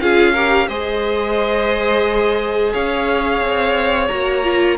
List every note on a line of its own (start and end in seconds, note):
0.00 0.68 C#4
0.00 0.35 F4
0.00 0.33 G#4
0.00 0.68 F5
0.33 0.69 G4
0.33 0.67 A#4
0.68 2.73 G#3
0.68 4.09 G#4
0.68 2.73 C5
0.68 2.72 D#5
2.73 3.41 C#4
2.73 4.77 C#5
2.73 4.08 F5
3.41 4.09 C4
4.08 4.77 A#3
4.08 4.43 F#4
4.08 4.76 A#5
4.43 4.77 F4